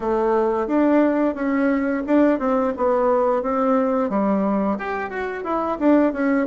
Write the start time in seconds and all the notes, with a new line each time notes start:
0.00 A3
0.67 D4
1.35 C#4
2.06 D4
2.39 C4
2.76 B3
3.42 C4
4.09 G3
4.78 G4
5.10 F#4
5.44 E4
5.79 D4
6.12 C#4